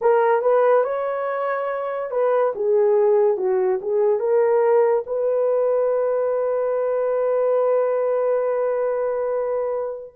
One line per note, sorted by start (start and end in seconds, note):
0.01 0.41 A#4
0.41 0.83 B4
0.83 2.10 C#5
2.10 2.53 B4
2.55 3.37 G#4
3.37 3.79 F#4
3.81 4.19 G#4
4.19 5.04 A#4
5.06 10.13 B4